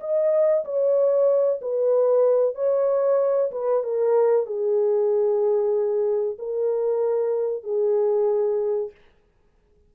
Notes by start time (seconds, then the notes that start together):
0.00 D#5
0.64 C#5
1.61 B4
2.55 C#5
3.51 B4
3.83 A#4
4.46 G#4
6.38 A#4
7.63 G#4